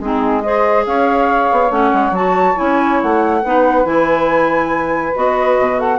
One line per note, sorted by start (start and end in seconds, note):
0.00 0.86 G#3
0.00 0.44 C4
0.00 0.44 D#4
0.00 0.41 G#4
0.41 1.69 G#4
0.41 0.86 C5
0.41 0.84 D#5
0.86 1.50 C#4
0.86 3.43 C#5
0.86 1.71 F5
1.51 1.70 B3
1.69 1.91 A3
1.69 2.12 C#4
1.69 2.14 F#5
1.92 2.11 G#3
2.11 2.53 F#3
2.11 2.55 F#4
2.11 2.57 A5
2.55 3.03 C#4
2.55 3.41 E4
2.55 3.00 G#5
3.02 3.43 A3
3.02 3.85 F#5
3.43 3.85 B3
3.43 3.84 D#4
3.43 5.77 B4
3.84 5.13 E3
3.84 5.13 E4
3.84 5.14 G#5
5.14 5.59 B3
5.14 5.98 F#4
5.14 5.79 D#5
5.59 5.98 B2
5.77 5.98 A4
5.77 5.98 F#5